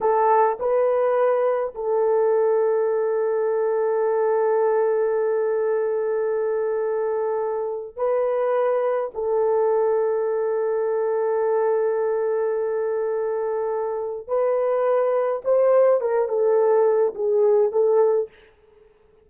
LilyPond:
\new Staff \with { instrumentName = "horn" } { \time 4/4 \tempo 4 = 105 a'4 b'2 a'4~ | a'1~ | a'1~ | a'2 b'2 |
a'1~ | a'1~ | a'4 b'2 c''4 | ais'8 a'4. gis'4 a'4 | }